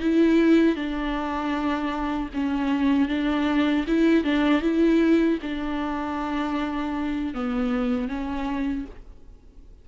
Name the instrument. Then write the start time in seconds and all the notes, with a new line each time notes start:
viola
0.00 E4
0.76 D4
2.34 C#4
3.09 D4
3.87 E4
4.24 D4
4.62 E4
5.42 D4
7.34 B3
8.08 C#4